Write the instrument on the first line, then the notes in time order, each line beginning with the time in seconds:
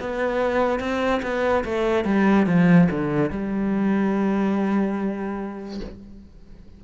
cello
0.00 B3
0.79 C4
1.22 B3
1.64 A3
2.05 G3
2.46 F3
2.90 D3
3.30 G3